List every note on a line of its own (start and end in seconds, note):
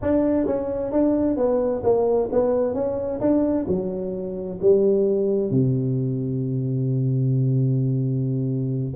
0.01 0.46 D4
0.46 0.92 C#4
0.92 1.36 D4
1.36 1.82 B3
1.83 2.29 A#3
2.32 2.74 B3
2.74 3.19 C#4
3.20 3.66 D4
3.67 4.59 F#3
4.61 5.50 G3
5.50 8.94 C3